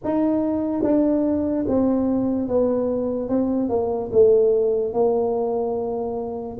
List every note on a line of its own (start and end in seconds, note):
0.04 0.83 D#4
0.83 1.65 D4
1.67 2.48 C4
2.48 3.29 B3
3.29 3.69 C4
3.69 4.10 A#3
4.12 4.93 A3
4.93 6.57 A#3